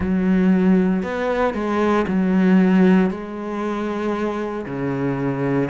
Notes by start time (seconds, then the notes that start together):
0.00 F#3
1.03 B3
1.54 G#3
2.07 F#3
3.10 G#3
4.66 C#3